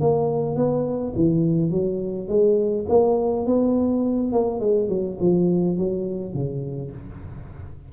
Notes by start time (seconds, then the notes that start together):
0.00 A#3
0.56 B3
1.15 E3
1.71 F#3
2.28 G#3
2.89 A#3
3.46 B3
4.32 A#3
4.60 G#3
4.89 F#3
5.20 F3
5.77 F#3
6.34 C#3